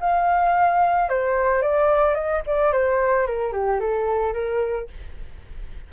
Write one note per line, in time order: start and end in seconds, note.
0.00 1.09 F5
1.09 1.62 C5
1.62 2.14 D5
2.14 2.41 D#5
2.46 2.72 D5
2.72 3.27 C5
3.27 3.52 A#4
3.52 3.80 G4
3.80 4.33 A4
4.33 4.87 A#4